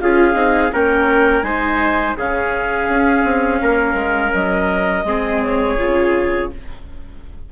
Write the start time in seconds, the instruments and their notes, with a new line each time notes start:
0.00 bassoon C#4, viola F4, trumpet G#4, clarinet F5
0.34 bassoon C4, viola D#4
0.73 bassoon A#3, viola C#4, trumpet A#4, clarinet G5
1.42 bassoon G#3, viola D#4, trumpet C5, clarinet G#5
2.16 bassoon C#3, viola C#4, trumpet G#4, clarinet F5
2.89 bassoon C#4
3.24 bassoon C4
3.62 bassoon A#3, trumpet A#4
3.94 bassoon G#3
4.34 bassoon F#3, clarinet D#5
5.04 bassoon G#3, viola C4, trumpet G#4
5.42 clarinet C#5
5.78 bassoon C#3, viola F4